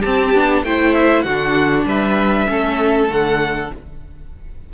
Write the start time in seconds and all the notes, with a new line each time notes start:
0.00 C4 G4 A5
0.34 B3 D4
0.64 A3 E4 C5 G5
0.95 E5
1.23 D3 D4 F#4 F#5
1.85 G3 B4 E5
2.48 A3 C#4 A4
3.09 D3 A3 F#5